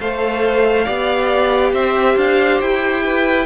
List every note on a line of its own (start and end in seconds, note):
0.00 0.87 A3
0.00 0.86 A4
0.00 0.86 C5
0.00 1.75 F5
0.86 1.73 B3
0.86 3.46 G4
0.86 1.72 D5
1.73 2.17 C4
1.73 3.03 C5
1.73 2.18 E5
2.17 2.60 D4
2.17 2.61 F5
2.61 3.46 E4
2.61 3.46 G5
3.05 3.46 B4